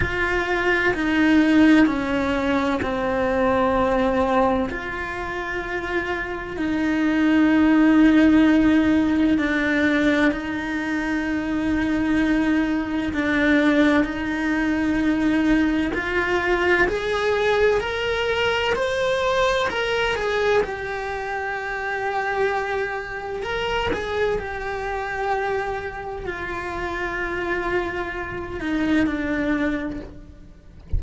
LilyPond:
\new Staff \with { instrumentName = "cello" } { \time 4/4 \tempo 4 = 64 f'4 dis'4 cis'4 c'4~ | c'4 f'2 dis'4~ | dis'2 d'4 dis'4~ | dis'2 d'4 dis'4~ |
dis'4 f'4 gis'4 ais'4 | c''4 ais'8 gis'8 g'2~ | g'4 ais'8 gis'8 g'2 | f'2~ f'8 dis'8 d'4 | }